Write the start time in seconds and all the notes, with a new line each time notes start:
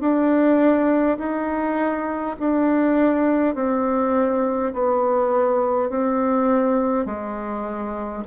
0.00 D4
1.18 D#4
2.40 D4
3.55 C4
4.73 B3
5.90 C4
7.05 G#3